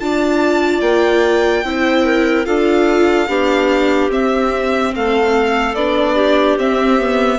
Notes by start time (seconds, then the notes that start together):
0.00 D4 F4 D5 A5
0.81 A#3 G5
1.64 C4 E4 C5
2.05 A#4
2.46 D4 F4 A4 F5
3.28 B3 D4 G4
4.10 C4 E5
4.95 A3 A4 F5
5.75 B3 D4 D5
6.15 G4
6.57 C4 E5
6.99 B3